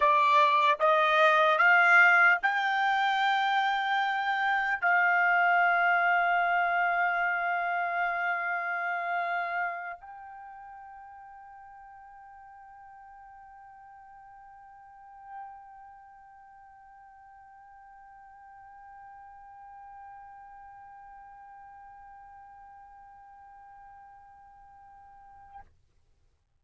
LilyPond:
\new Staff \with { instrumentName = "trumpet" } { \time 4/4 \tempo 4 = 75 d''4 dis''4 f''4 g''4~ | g''2 f''2~ | f''1~ | f''8 g''2.~ g''8~ |
g''1~ | g''1~ | g''1~ | g''1 | }